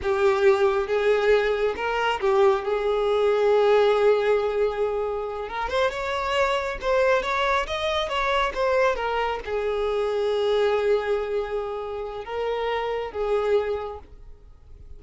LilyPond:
\new Staff \with { instrumentName = "violin" } { \time 4/4 \tempo 4 = 137 g'2 gis'2 | ais'4 g'4 gis'2~ | gis'1~ | gis'8 ais'8 c''8 cis''2 c''8~ |
c''8 cis''4 dis''4 cis''4 c''8~ | c''8 ais'4 gis'2~ gis'8~ | gis'1 | ais'2 gis'2 | }